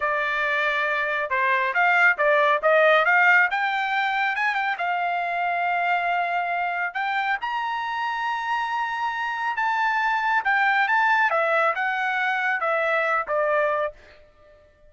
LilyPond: \new Staff \with { instrumentName = "trumpet" } { \time 4/4 \tempo 4 = 138 d''2. c''4 | f''4 d''4 dis''4 f''4 | g''2 gis''8 g''8 f''4~ | f''1 |
g''4 ais''2.~ | ais''2 a''2 | g''4 a''4 e''4 fis''4~ | fis''4 e''4. d''4. | }